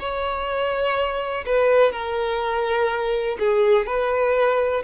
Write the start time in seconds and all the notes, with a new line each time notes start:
0.00 C#5
1.46 B4
1.92 A#4
3.39 G#4
3.87 B4